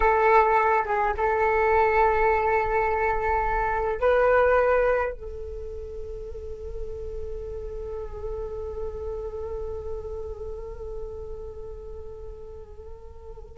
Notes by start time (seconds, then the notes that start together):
0.00 A4
0.85 G#4
1.17 A4
4.00 B4
5.13 A4